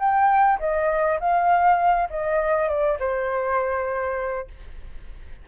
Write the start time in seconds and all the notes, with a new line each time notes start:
0.00 G5
0.60 D#5
1.20 F5
2.10 D#5
2.69 D5
3.00 C5